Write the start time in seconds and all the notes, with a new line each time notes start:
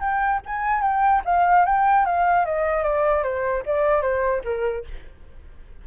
0.00 G5
0.46 G#5
0.82 G5
1.25 F5
1.65 G5
2.06 F5
2.45 D#5
2.83 D5
3.23 C5
3.66 D5
4.02 C5
4.44 A#4